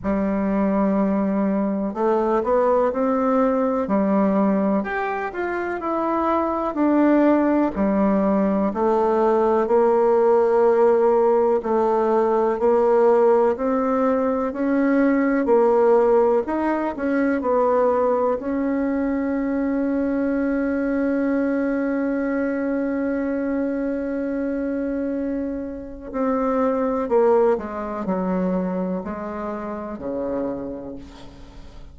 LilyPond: \new Staff \with { instrumentName = "bassoon" } { \time 4/4 \tempo 4 = 62 g2 a8 b8 c'4 | g4 g'8 f'8 e'4 d'4 | g4 a4 ais2 | a4 ais4 c'4 cis'4 |
ais4 dis'8 cis'8 b4 cis'4~ | cis'1~ | cis'2. c'4 | ais8 gis8 fis4 gis4 cis4 | }